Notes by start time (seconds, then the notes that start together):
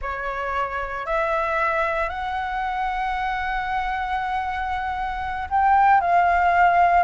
0.01 C#5
1.06 E5
2.09 F#5
5.49 G5
6.00 F5